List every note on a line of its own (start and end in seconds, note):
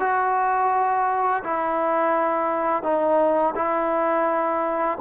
0.00 1.43 F#4
1.44 2.83 E4
2.83 3.54 D#4
3.55 4.98 E4